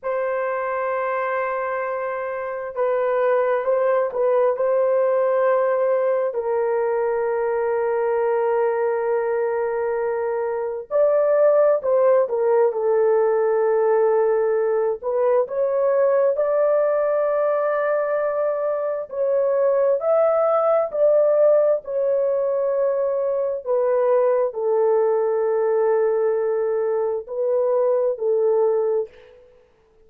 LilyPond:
\new Staff \with { instrumentName = "horn" } { \time 4/4 \tempo 4 = 66 c''2. b'4 | c''8 b'8 c''2 ais'4~ | ais'1 | d''4 c''8 ais'8 a'2~ |
a'8 b'8 cis''4 d''2~ | d''4 cis''4 e''4 d''4 | cis''2 b'4 a'4~ | a'2 b'4 a'4 | }